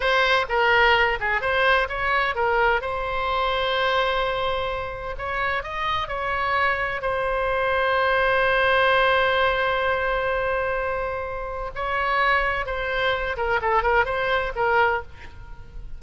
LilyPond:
\new Staff \with { instrumentName = "oboe" } { \time 4/4 \tempo 4 = 128 c''4 ais'4. gis'8 c''4 | cis''4 ais'4 c''2~ | c''2. cis''4 | dis''4 cis''2 c''4~ |
c''1~ | c''1~ | c''4 cis''2 c''4~ | c''8 ais'8 a'8 ais'8 c''4 ais'4 | }